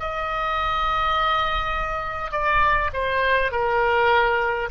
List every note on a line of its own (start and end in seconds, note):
0.00 2.32 D#5
2.32 2.91 D5
2.94 3.52 C5
3.52 4.70 A#4